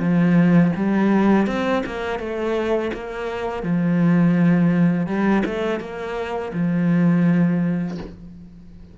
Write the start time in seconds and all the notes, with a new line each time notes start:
0.00 F3
0.77 G3
1.48 C4
1.87 A#3
2.19 A3
2.94 A#3
3.63 F3
5.07 G3
5.46 A3
5.80 A#3
6.54 F3